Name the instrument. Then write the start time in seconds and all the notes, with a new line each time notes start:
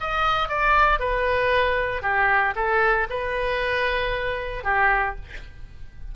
oboe
0.00 D#5
0.48 D5
0.99 B4
2.02 G4
2.55 A4
3.09 B4
4.63 G4